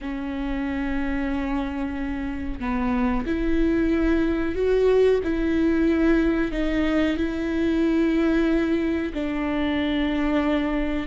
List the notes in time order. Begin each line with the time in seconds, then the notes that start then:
0.01 C#4
2.59 B3
3.26 E4
4.55 F#4
5.24 E4
6.51 D#4
7.17 E4
9.13 D4